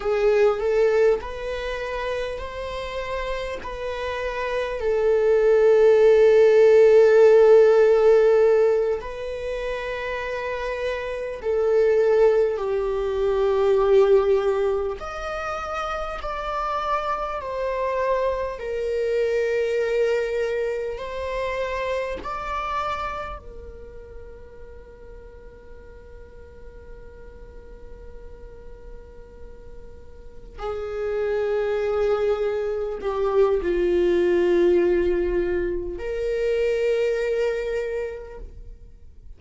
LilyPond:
\new Staff \with { instrumentName = "viola" } { \time 4/4 \tempo 4 = 50 gis'8 a'8 b'4 c''4 b'4 | a'2.~ a'8 b'8~ | b'4. a'4 g'4.~ | g'8 dis''4 d''4 c''4 ais'8~ |
ais'4. c''4 d''4 ais'8~ | ais'1~ | ais'4. gis'2 g'8 | f'2 ais'2 | }